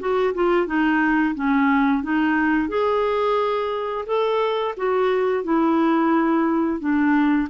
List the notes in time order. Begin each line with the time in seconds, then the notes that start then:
0.00 F#4
0.34 F4
0.67 D#4
1.35 C#4
2.03 D#4
2.69 G#4
4.07 A4
4.77 F#4
5.44 E4
6.80 D4